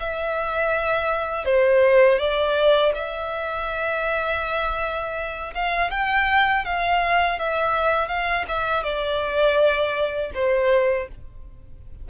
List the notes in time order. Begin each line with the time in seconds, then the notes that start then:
0.00 E5
1.45 C5
2.19 D5
2.95 E5
5.55 F5
5.91 G5
6.66 F5
7.39 E5
8.08 F5
8.48 E5
8.84 D5
10.34 C5